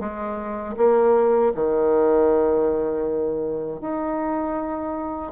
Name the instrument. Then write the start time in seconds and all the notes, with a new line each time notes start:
bassoon
0.00 G#3
0.78 A#3
1.55 D#3
3.81 D#4